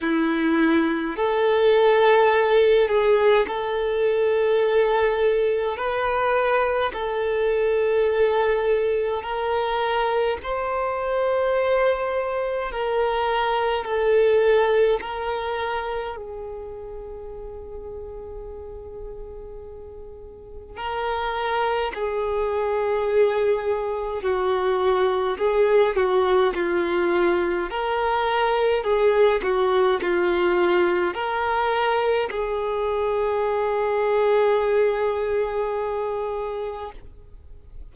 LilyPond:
\new Staff \with { instrumentName = "violin" } { \time 4/4 \tempo 4 = 52 e'4 a'4. gis'8 a'4~ | a'4 b'4 a'2 | ais'4 c''2 ais'4 | a'4 ais'4 gis'2~ |
gis'2 ais'4 gis'4~ | gis'4 fis'4 gis'8 fis'8 f'4 | ais'4 gis'8 fis'8 f'4 ais'4 | gis'1 | }